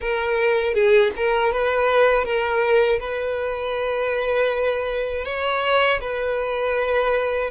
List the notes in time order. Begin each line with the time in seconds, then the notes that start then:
0.00 A#4
0.73 G#4
1.16 A#4
1.52 B4
2.24 A#4
2.99 B4
5.25 C#5
6.00 B4